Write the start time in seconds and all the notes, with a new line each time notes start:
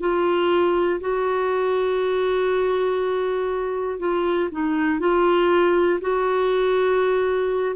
0.00 F4
1.00 F#4
3.99 F4
4.51 D#4
5.00 F4
6.00 F#4